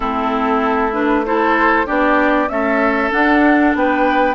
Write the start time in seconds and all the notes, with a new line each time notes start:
0.00 A3 C4 E4 A4
0.93 D4 B4
1.25 E4 A4 C5
1.85 B3 D4 G4 D5
2.48 A3 C#4 A4 E5
3.10 D4 F#5
3.74 B3 B4 G5